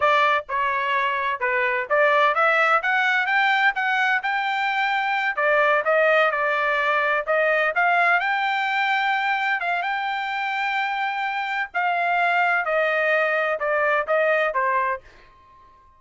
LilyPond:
\new Staff \with { instrumentName = "trumpet" } { \time 4/4 \tempo 4 = 128 d''4 cis''2 b'4 | d''4 e''4 fis''4 g''4 | fis''4 g''2~ g''8 d''8~ | d''8 dis''4 d''2 dis''8~ |
dis''8 f''4 g''2~ g''8~ | g''8 f''8 g''2.~ | g''4 f''2 dis''4~ | dis''4 d''4 dis''4 c''4 | }